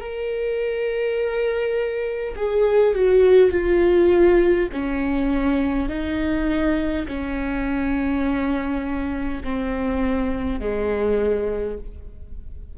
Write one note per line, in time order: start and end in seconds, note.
0.00 2.35 A#4
2.36 2.95 G#4
2.95 3.51 F#4
3.51 4.69 F4
4.73 5.89 C#4
5.89 7.07 D#4
7.08 9.43 C#4
9.44 10.60 C4
10.60 11.78 G#3